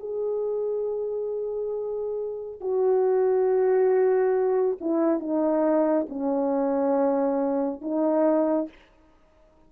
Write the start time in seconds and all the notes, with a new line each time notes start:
0.00 G#4
2.61 F#4
4.81 E4
5.20 D#4
6.09 C#4
7.82 D#4